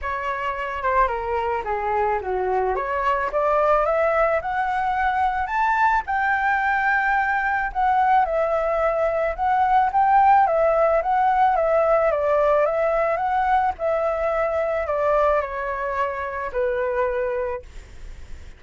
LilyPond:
\new Staff \with { instrumentName = "flute" } { \time 4/4 \tempo 4 = 109 cis''4. c''8 ais'4 gis'4 | fis'4 cis''4 d''4 e''4 | fis''2 a''4 g''4~ | g''2 fis''4 e''4~ |
e''4 fis''4 g''4 e''4 | fis''4 e''4 d''4 e''4 | fis''4 e''2 d''4 | cis''2 b'2 | }